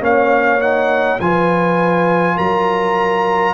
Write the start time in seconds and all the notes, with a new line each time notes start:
0.00 A#3 C#4 C#5 F5
0.59 D#4 F#5
1.20 F3 F4 B4 G#5
2.36 F#3 A#4 A#5